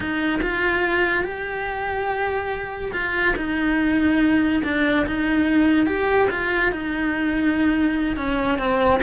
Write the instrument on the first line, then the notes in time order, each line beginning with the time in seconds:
cello
0.00 D#4
0.42 F4
1.24 G4
2.93 F4
3.36 D#4
4.63 D4
5.06 D#4
5.86 G4
6.30 F4
6.72 D#4
8.16 C#4
8.58 C4